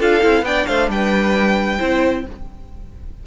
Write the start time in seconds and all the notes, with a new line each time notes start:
0.00 D4 F4 A4 F5
0.22 C4 E4
0.42 B3 D4 D5 G5
0.67 A3 C5 F5
0.89 G3 B4 G5
1.79 C4 E4 C5